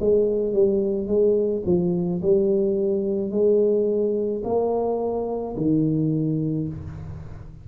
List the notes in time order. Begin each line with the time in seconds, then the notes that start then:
0.00 G#3
0.54 G3
1.08 G#3
1.66 F3
2.22 G3
3.31 G#3
4.44 A#3
5.57 D#3